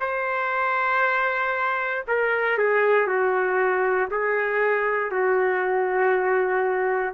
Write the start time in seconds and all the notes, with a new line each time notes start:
0.00 C5
2.07 A#4
2.58 G#4
3.07 F#4
4.10 G#4
5.11 F#4